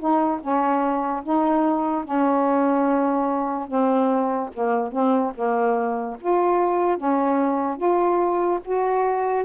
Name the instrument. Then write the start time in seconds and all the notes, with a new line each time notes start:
saxophone
0.00 D#4
0.42 C#4
1.24 D#4
2.05 C#4
3.68 C4
4.54 A#3
4.92 C4
5.35 A#3
6.21 F4
6.98 C#4
7.77 F4
8.65 F#4